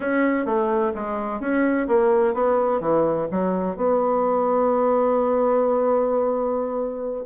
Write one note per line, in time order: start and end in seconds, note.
0.00 0.45 C#4
0.45 0.92 A3
0.94 1.40 G#3
1.40 1.87 C#4
1.87 2.34 A#3
2.34 2.80 B3
2.80 3.27 E3
3.31 3.76 F#3
3.76 7.25 B3